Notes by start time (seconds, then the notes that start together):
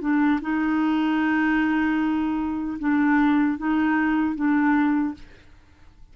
0.00 D4
0.41 D#4
2.78 D4
3.57 D#4
4.35 D4